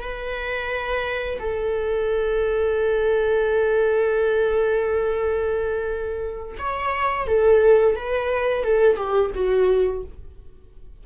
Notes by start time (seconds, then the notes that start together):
0.00 B4
1.39 A4
6.58 C#5
7.27 A4
7.95 B4
8.63 A4
8.96 G4
9.34 F#4